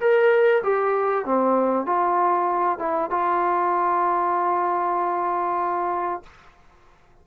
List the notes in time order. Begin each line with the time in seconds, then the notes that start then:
0.00 A#4
0.63 G4
1.25 C4
1.86 F4
2.79 E4
3.10 F4